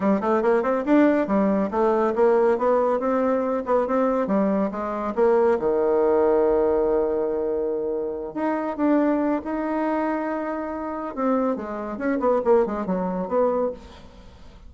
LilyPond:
\new Staff \with { instrumentName = "bassoon" } { \time 4/4 \tempo 4 = 140 g8 a8 ais8 c'8 d'4 g4 | a4 ais4 b4 c'4~ | c'8 b8 c'4 g4 gis4 | ais4 dis2.~ |
dis2.~ dis8 dis'8~ | dis'8 d'4. dis'2~ | dis'2 c'4 gis4 | cis'8 b8 ais8 gis8 fis4 b4 | }